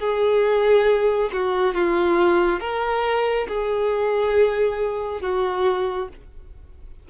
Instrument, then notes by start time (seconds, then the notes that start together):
violin
0.00 G#4
1.34 F#4
1.75 F4
2.60 A#4
3.49 G#4
5.22 F#4